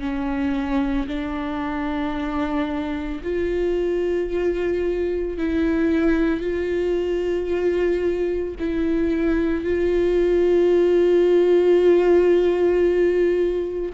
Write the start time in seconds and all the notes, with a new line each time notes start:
0.00 C#4
1.08 D4
3.24 F4
5.38 E4
6.41 F4
8.60 E4
9.64 F4